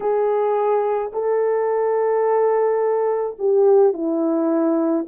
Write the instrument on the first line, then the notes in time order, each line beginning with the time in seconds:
horn
0.00 G#4
1.12 A4
3.38 G4
3.93 E4